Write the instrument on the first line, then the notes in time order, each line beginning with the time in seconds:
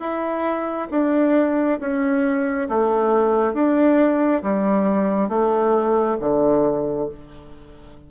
bassoon
0.00 E4
0.91 D4
1.80 C#4
2.70 A3
3.54 D4
4.43 G3
5.29 A3
6.20 D3